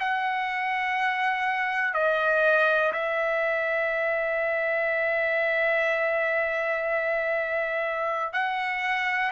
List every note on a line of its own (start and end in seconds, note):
0.00 1.94 F#5
1.94 2.92 D#5
2.93 8.33 E5
8.33 9.32 F#5